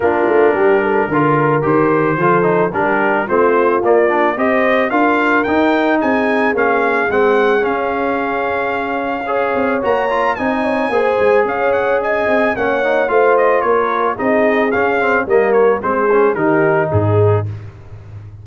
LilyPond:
<<
  \new Staff \with { instrumentName = "trumpet" } { \time 4/4 \tempo 4 = 110 ais'2. c''4~ | c''4 ais'4 c''4 d''4 | dis''4 f''4 g''4 gis''4 | f''4 fis''4 f''2~ |
f''2 ais''4 gis''4~ | gis''4 f''8 fis''8 gis''4 fis''4 | f''8 dis''8 cis''4 dis''4 f''4 | dis''8 cis''8 c''4 ais'4 gis'4 | }
  \new Staff \with { instrumentName = "horn" } { \time 4/4 f'4 g'8 a'8 ais'2 | a'4 g'4 f'2 | c''4 ais'2 gis'4~ | gis'1~ |
gis'4 cis''2 dis''8 cis''8 | c''4 cis''4 dis''4 cis''4 | c''4 ais'4 gis'2 | ais'4 gis'4 g'4 gis'4 | }
  \new Staff \with { instrumentName = "trombone" } { \time 4/4 d'2 f'4 g'4 | f'8 dis'8 d'4 c'4 ais8 d'8 | g'4 f'4 dis'2 | cis'4 c'4 cis'2~ |
cis'4 gis'4 fis'8 f'8 dis'4 | gis'2. cis'8 dis'8 | f'2 dis'4 cis'8 c'8 | ais4 c'8 cis'8 dis'2 | }
  \new Staff \with { instrumentName = "tuba" } { \time 4/4 ais8 a8 g4 d4 dis4 | f4 g4 a4 ais4 | c'4 d'4 dis'4 c'4 | ais4 gis4 cis'2~ |
cis'4. c'8 ais4 c'4 | ais8 gis8 cis'4. c'8 ais4 | a4 ais4 c'4 cis'4 | g4 gis4 dis4 gis,4 | }
>>